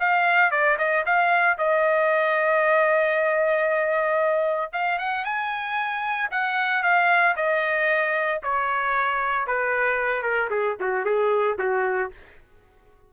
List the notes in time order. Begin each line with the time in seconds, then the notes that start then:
0.00 F5
0.51 D5
0.79 D#5
1.06 F5
1.58 D#5
4.73 F5
4.99 F#5
5.25 G#5
6.31 F#5
6.83 F5
7.36 D#5
8.44 C#5
9.47 B4
10.23 A#4
10.51 G#4
10.80 F#4
11.05 G#4
11.59 F#4